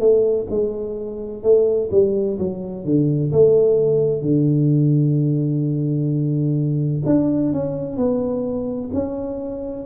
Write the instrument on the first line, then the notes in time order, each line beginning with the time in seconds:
tuba
0.00 A3
0.50 G#3
1.43 A3
1.91 G3
2.39 F#3
2.85 D3
3.32 A3
4.22 D3
7.06 D4
7.53 C#4
7.97 B3
8.94 C#4